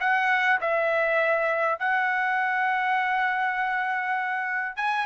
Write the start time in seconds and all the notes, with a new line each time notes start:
0.00 F#5
0.61 E5
1.79 F#5
4.76 G#5